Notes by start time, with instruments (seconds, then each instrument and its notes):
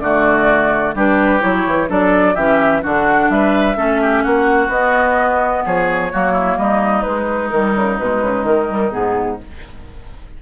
0.00 bassoon D3, clarinet A3, oboe F#4, flute D5
0.95 bassoon G3, clarinet D4, oboe G4, flute B4
1.40 bassoon F#3, clarinet E4, flute C#5
1.67 bassoon E3
1.88 bassoon F#3, clarinet D4, oboe A4, flute D5
2.35 bassoon E3, clarinet C#4, oboe G4, flute E5
2.83 bassoon D3, clarinet D4, oboe F#4, flute F#5
3.30 bassoon G3, oboe B4, flute E5
3.76 bassoon A3, clarinet C#4, oboe A4
4.02 oboe G4
4.23 bassoon A#3, oboe F#4, flute F#5
4.68 bassoon B3, clarinet B3, flute D#5
5.66 bassoon F3, oboe G#4, flute C#5
6.13 bassoon F#3, clarinet A#3, oboe F#4
6.33 oboe E4
6.58 bassoon G3, oboe D#4, flute D#5
7.03 clarinet G#3, bassoon G#3, flute B4
7.50 bassoon D#3, clarinet G3, flute A#4
7.76 bassoon C#3
7.99 bassoon B2, clarinet G#3, flute B4
8.23 bassoon C#3
8.44 bassoon D#3, flute A#4
8.68 clarinet G3
8.92 bassoon G#2, clarinet B3, flute G#4